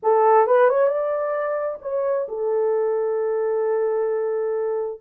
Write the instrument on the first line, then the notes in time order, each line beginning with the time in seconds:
horn
0.02 A4
0.46 B4
0.69 C#5
0.88 D5
1.81 C#5
2.28 A4